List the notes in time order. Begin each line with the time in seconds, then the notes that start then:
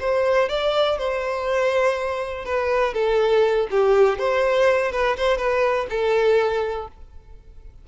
0.00 C5
0.49 D5
0.98 C5
2.45 B4
2.94 A4
3.71 G4
4.19 C5
4.92 B4
5.17 C5
5.37 B4
5.90 A4